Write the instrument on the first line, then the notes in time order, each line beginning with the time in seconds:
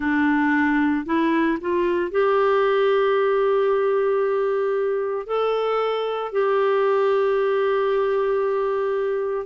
clarinet
0.00 D4
1.05 E4
1.61 F4
2.11 G4
5.26 A4
6.32 G4